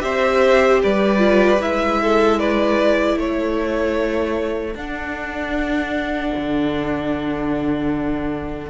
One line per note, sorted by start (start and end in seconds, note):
0.00 0.82 C4
0.00 1.18 G4
0.00 0.82 C5
0.00 0.80 E5
0.82 1.62 G3
0.82 2.01 B4
0.82 1.62 D5
1.18 1.58 F4
1.60 3.17 G#3
1.60 4.75 E4
1.60 2.39 E5
2.02 2.40 A4
2.39 3.18 B4
2.39 3.18 D5
3.17 4.75 A3
3.17 8.70 A4
3.17 4.77 C#5
4.75 8.69 D4
4.75 6.33 D4
4.75 8.70 F#5
6.37 8.70 D3